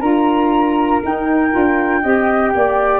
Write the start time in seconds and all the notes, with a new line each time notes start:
0.00 D4 F4 A#4 A#5
1.04 D#4 G5
1.51 D4 F4
2.02 C4 G4 D#5
2.54 A#3 D5